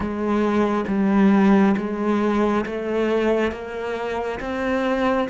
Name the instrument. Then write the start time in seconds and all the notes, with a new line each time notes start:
cello
0.00 G#3
0.87 G3
1.76 G#3
2.66 A3
3.51 A#3
4.40 C4